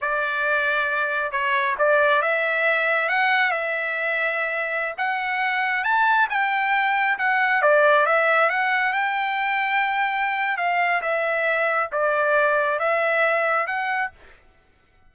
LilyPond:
\new Staff \with { instrumentName = "trumpet" } { \time 4/4 \tempo 4 = 136 d''2. cis''4 | d''4 e''2 fis''4 | e''2.~ e''16 fis''8.~ | fis''4~ fis''16 a''4 g''4.~ g''16~ |
g''16 fis''4 d''4 e''4 fis''8.~ | fis''16 g''2.~ g''8. | f''4 e''2 d''4~ | d''4 e''2 fis''4 | }